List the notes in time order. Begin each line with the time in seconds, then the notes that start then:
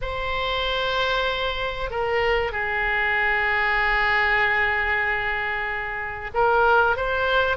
0.01 C5
1.90 A#4
2.51 G#4
6.34 A#4
6.96 C5